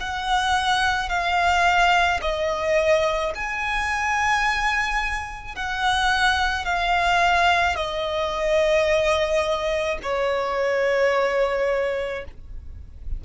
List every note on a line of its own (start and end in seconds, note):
0.00 1.09 F#5
1.09 2.20 F5
2.21 3.32 D#5
3.34 5.55 G#5
5.55 6.65 F#5
6.65 7.76 F5
7.76 9.98 D#5
10.02 12.24 C#5